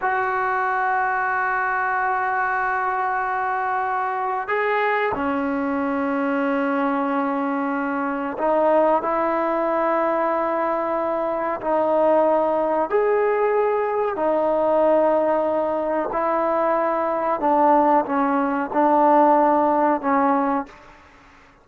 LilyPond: \new Staff \with { instrumentName = "trombone" } { \time 4/4 \tempo 4 = 93 fis'1~ | fis'2. gis'4 | cis'1~ | cis'4 dis'4 e'2~ |
e'2 dis'2 | gis'2 dis'2~ | dis'4 e'2 d'4 | cis'4 d'2 cis'4 | }